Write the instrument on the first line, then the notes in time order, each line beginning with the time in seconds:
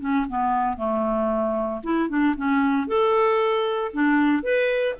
clarinet
0.00 C#4
0.29 B3
0.77 A3
1.83 E4
2.09 D4
2.36 C#4
2.87 A4
3.93 D4
4.43 B4